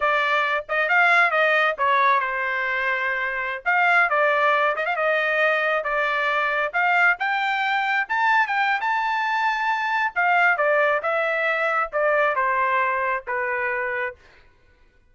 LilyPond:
\new Staff \with { instrumentName = "trumpet" } { \time 4/4 \tempo 4 = 136 d''4. dis''8 f''4 dis''4 | cis''4 c''2.~ | c''16 f''4 d''4. dis''16 f''16 dis''8.~ | dis''4~ dis''16 d''2 f''8.~ |
f''16 g''2 a''4 g''8. | a''2. f''4 | d''4 e''2 d''4 | c''2 b'2 | }